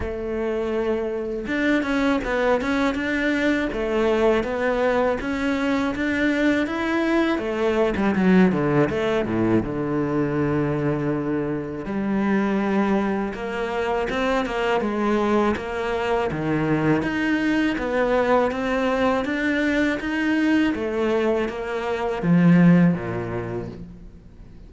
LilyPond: \new Staff \with { instrumentName = "cello" } { \time 4/4 \tempo 4 = 81 a2 d'8 cis'8 b8 cis'8 | d'4 a4 b4 cis'4 | d'4 e'4 a8. g16 fis8 d8 | a8 a,8 d2. |
g2 ais4 c'8 ais8 | gis4 ais4 dis4 dis'4 | b4 c'4 d'4 dis'4 | a4 ais4 f4 ais,4 | }